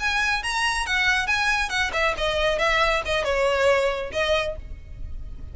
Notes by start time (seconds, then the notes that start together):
0.00 G#5
0.43 A#5
0.87 F#5
1.27 G#5
1.70 F#5
1.93 E5
2.18 D#5
2.59 E5
3.06 D#5
3.25 C#5
4.12 D#5